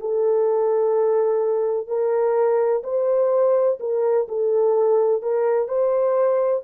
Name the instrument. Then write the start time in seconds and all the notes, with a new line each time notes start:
horn
0.00 A4
1.87 A#4
2.83 C5
3.80 A#4
4.28 A4
5.22 A#4
5.68 C5